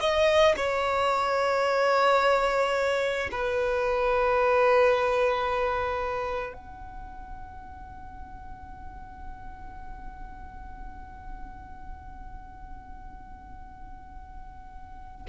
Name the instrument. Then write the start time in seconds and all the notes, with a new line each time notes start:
violin
0.00 D#5
0.57 C#5
3.32 B4
6.54 F#5